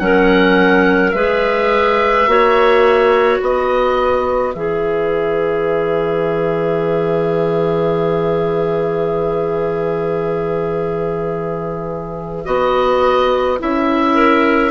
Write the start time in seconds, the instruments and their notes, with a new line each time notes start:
0.00 bassoon F#3, clarinet C#4 A#4, oboe F#5
1.11 bassoon G#3, clarinet G#4 B4, oboe E5
2.27 bassoon A#3, clarinet F#4 C#5
3.42 bassoon B3, clarinet B4, oboe D#5
4.55 bassoon E3, clarinet G#4, oboe E5
12.46 bassoon B3, clarinet F#4, oboe D#5
13.59 bassoon C#4, clarinet E4, oboe E5
14.14 clarinet A#4